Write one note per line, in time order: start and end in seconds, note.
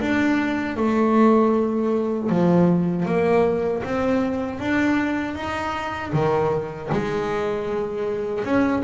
0.00 0.77 D4
0.77 2.30 A3
2.30 3.06 F3
3.06 3.83 A#3
3.84 4.60 C4
4.60 5.35 D4
5.35 6.12 D#4
6.13 6.90 D#3
6.92 8.44 G#3
8.44 8.83 C#4